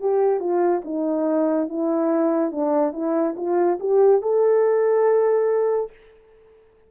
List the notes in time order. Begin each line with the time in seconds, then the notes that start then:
0.00 G4
0.39 F4
0.85 D#4
1.69 E4
2.51 D4
2.92 E4
3.36 F4
3.80 G4
4.21 A4